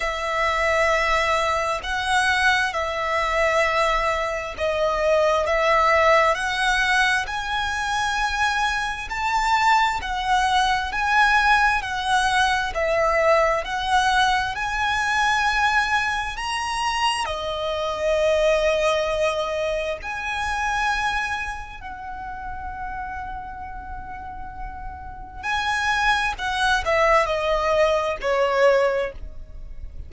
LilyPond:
\new Staff \with { instrumentName = "violin" } { \time 4/4 \tempo 4 = 66 e''2 fis''4 e''4~ | e''4 dis''4 e''4 fis''4 | gis''2 a''4 fis''4 | gis''4 fis''4 e''4 fis''4 |
gis''2 ais''4 dis''4~ | dis''2 gis''2 | fis''1 | gis''4 fis''8 e''8 dis''4 cis''4 | }